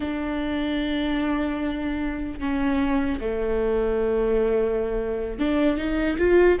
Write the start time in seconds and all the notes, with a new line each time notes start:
0.00 D4
2.39 C#4
3.20 A3
5.39 D4
5.77 D#4
6.18 F4